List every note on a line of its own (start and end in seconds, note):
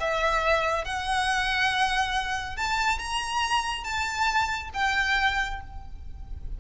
0.00 0.84 E5
0.84 2.56 F#5
2.56 2.99 A5
2.99 3.84 A#5
3.84 4.70 A5
4.74 5.60 G5